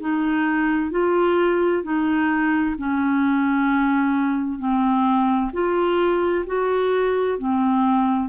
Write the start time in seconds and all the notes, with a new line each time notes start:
0.00 D#4
0.91 F4
1.83 D#4
2.78 C#4
4.59 C4
5.53 F4
6.46 F#4
7.38 C4